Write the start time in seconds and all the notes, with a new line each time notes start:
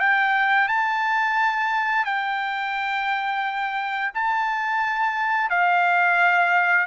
0.00 G5
0.68 A5
2.06 G5
4.15 A5
5.50 F5